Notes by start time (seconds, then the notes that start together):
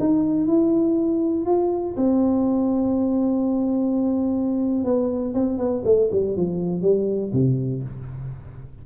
0.00 D#4
0.47 E4
1.46 F4
1.97 C4
4.85 B3
5.34 C4
5.58 B3
5.85 A3
6.12 G3
6.37 F3
6.82 G3
7.33 C3